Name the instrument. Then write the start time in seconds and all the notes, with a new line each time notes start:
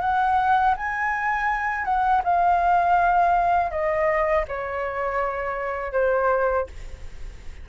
flute
0.00 F#5
0.76 G#5
1.84 F#5
2.24 F5
3.70 D#5
4.48 C#5
5.92 C5